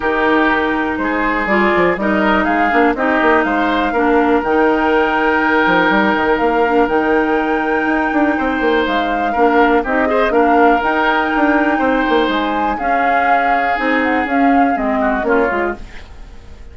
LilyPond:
<<
  \new Staff \with { instrumentName = "flute" } { \time 4/4 \tempo 4 = 122 ais'2 c''4 d''4 | dis''4 f''4 dis''4 f''4~ | f''4 g''2.~ | g''4 f''4 g''2~ |
g''2 f''2 | dis''4 f''4 g''2~ | g''4 gis''4 f''2 | gis''8 fis''8 f''4 dis''4 cis''4 | }
  \new Staff \with { instrumentName = "oboe" } { \time 4/4 g'2 gis'2 | ais'4 gis'4 g'4 c''4 | ais'1~ | ais'1~ |
ais'4 c''2 ais'4 | g'8 c''8 ais'2. | c''2 gis'2~ | gis'2~ gis'8 fis'8 f'4 | }
  \new Staff \with { instrumentName = "clarinet" } { \time 4/4 dis'2. f'4 | dis'4. d'8 dis'2 | d'4 dis'2.~ | dis'4. d'8 dis'2~ |
dis'2. d'4 | dis'8 gis'8 d'4 dis'2~ | dis'2 cis'2 | dis'4 cis'4 c'4 cis'8 f'8 | }
  \new Staff \with { instrumentName = "bassoon" } { \time 4/4 dis2 gis4 g8 f8 | g4 gis8 ais8 c'8 ais8 gis4 | ais4 dis2~ dis8 f8 | g8 dis8 ais4 dis2 |
dis'8 d'8 c'8 ais8 gis4 ais4 | c'4 ais4 dis'4 d'4 | c'8 ais8 gis4 cis'2 | c'4 cis'4 gis4 ais8 gis8 | }
>>